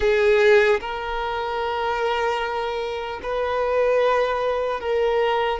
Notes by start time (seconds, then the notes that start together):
0.00 G#4
0.80 A#4
3.22 B4
4.80 A#4